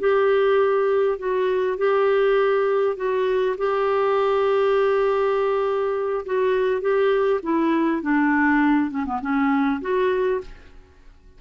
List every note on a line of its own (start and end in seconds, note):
0.00 1.19 G4
1.19 1.78 F#4
1.78 2.96 G4
2.97 3.56 F#4
3.58 6.25 G4
6.26 6.81 F#4
6.81 7.41 G4
7.43 8.02 E4
8.02 8.91 D4
8.91 9.06 C#4
9.06 9.21 B3
9.21 9.81 C#4
9.82 10.41 F#4